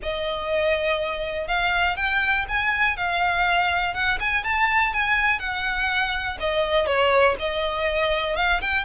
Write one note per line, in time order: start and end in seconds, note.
0.02 1.47 D#5
1.47 1.96 F5
1.96 2.45 G5
2.48 2.96 G#5
2.96 3.93 F5
3.93 4.18 F#5
4.20 4.44 G#5
4.44 4.93 A5
4.93 5.39 G#5
5.39 6.37 F#5
6.40 6.86 D#5
6.86 7.35 C#5
7.39 8.36 D#5
8.36 8.60 F5
8.61 8.85 G5